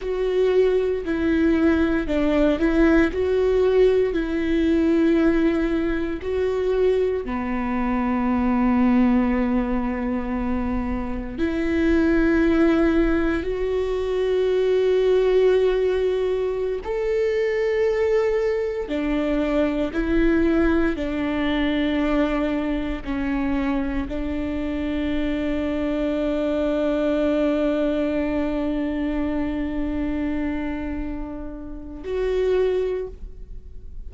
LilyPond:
\new Staff \with { instrumentName = "viola" } { \time 4/4 \tempo 4 = 58 fis'4 e'4 d'8 e'8 fis'4 | e'2 fis'4 b4~ | b2. e'4~ | e'4 fis'2.~ |
fis'16 a'2 d'4 e'8.~ | e'16 d'2 cis'4 d'8.~ | d'1~ | d'2. fis'4 | }